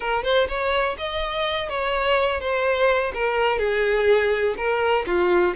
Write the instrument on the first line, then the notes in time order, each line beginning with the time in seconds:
violin
0.00 A#4
0.23 C5
0.48 C#5
0.97 D#5
1.69 C#5
2.40 C5
3.13 A#4
3.58 G#4
4.57 A#4
5.06 F4